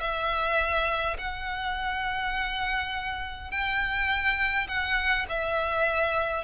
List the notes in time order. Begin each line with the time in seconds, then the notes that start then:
0.00 E5
1.18 F#5
3.51 G5
4.68 F#5
5.29 E5